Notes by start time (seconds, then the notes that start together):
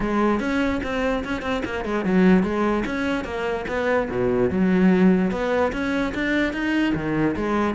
0.00 G#3
0.40 C#4
0.83 C4
1.24 C#4
1.42 C4
1.64 A#3
1.84 G#3
2.04 F#3
2.43 G#3
2.85 C#4
3.24 A#3
3.68 B3
4.10 B2
4.50 F#3
5.31 B3
5.72 C#4
6.14 D4
6.53 D#4
6.95 D#3
7.36 G#3